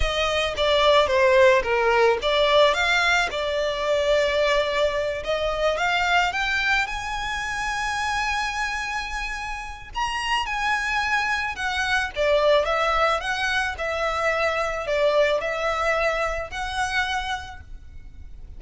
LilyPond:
\new Staff \with { instrumentName = "violin" } { \time 4/4 \tempo 4 = 109 dis''4 d''4 c''4 ais'4 | d''4 f''4 d''2~ | d''4. dis''4 f''4 g''8~ | g''8 gis''2.~ gis''8~ |
gis''2 ais''4 gis''4~ | gis''4 fis''4 d''4 e''4 | fis''4 e''2 d''4 | e''2 fis''2 | }